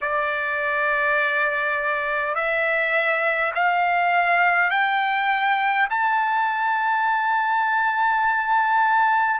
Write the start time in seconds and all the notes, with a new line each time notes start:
0.01 D5
2.34 E5
3.55 F5
4.70 G5
5.89 A5